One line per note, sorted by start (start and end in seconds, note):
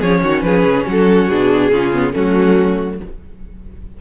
0.00 0.23 F3
0.00 1.31 C#4
0.00 0.21 G#4
0.00 0.42 C#5
0.22 0.43 D#3
0.22 0.44 F#4
0.42 0.64 F3
0.42 0.87 G#4
0.42 0.85 B4
0.65 0.86 C#3
0.87 1.30 F#3
0.87 1.72 F#4
0.87 1.29 A4
1.29 1.72 B2
1.29 1.71 D4
1.29 2.14 G#4
1.71 2.14 C#3
1.71 1.92 C#4
1.71 2.14 F4
1.93 2.13 B3
2.13 3.01 F#3
2.13 2.99 A3
2.13 2.99 C#4
2.13 3.01 F#4